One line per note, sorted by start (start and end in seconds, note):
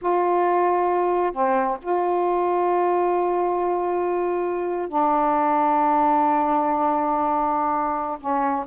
0.01 1.32 F4
1.32 1.77 C4
1.81 4.88 F4
4.88 8.17 D4
8.19 8.65 C#4